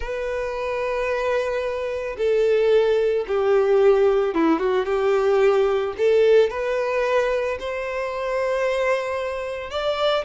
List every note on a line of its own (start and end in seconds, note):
0.00 2.16 B4
2.17 3.25 A4
3.27 4.34 G4
4.34 4.59 E4
4.59 4.85 F#4
4.85 5.93 G4
5.97 6.49 A4
6.49 7.57 B4
7.59 9.70 C5
9.70 10.24 D5